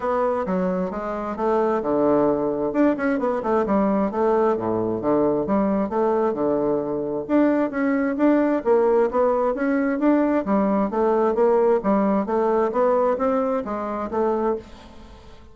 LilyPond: \new Staff \with { instrumentName = "bassoon" } { \time 4/4 \tempo 4 = 132 b4 fis4 gis4 a4 | d2 d'8 cis'8 b8 a8 | g4 a4 a,4 d4 | g4 a4 d2 |
d'4 cis'4 d'4 ais4 | b4 cis'4 d'4 g4 | a4 ais4 g4 a4 | b4 c'4 gis4 a4 | }